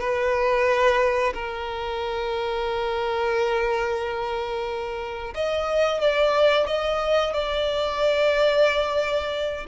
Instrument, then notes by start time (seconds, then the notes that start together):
violin
0.00 B4
1.34 A#4
5.35 D#5
6.01 D5
6.67 D#5
7.33 D5